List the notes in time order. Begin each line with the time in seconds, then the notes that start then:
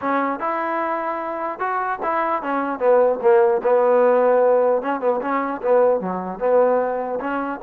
0.01 C#4
0.39 E4
1.59 F#4
2.02 E4
2.42 C#4
2.79 B3
3.21 A#3
3.63 B3
4.82 C#4
5.00 B3
5.21 C#4
5.62 B3
6.00 F#3
6.39 B3
7.20 C#4